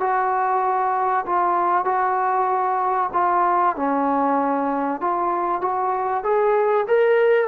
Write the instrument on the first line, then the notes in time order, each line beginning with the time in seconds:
trombone
0.00 F#4
1.26 F4
1.85 F#4
3.13 F4
3.76 C#4
5.01 F4
5.61 F#4
6.24 G#4
6.88 A#4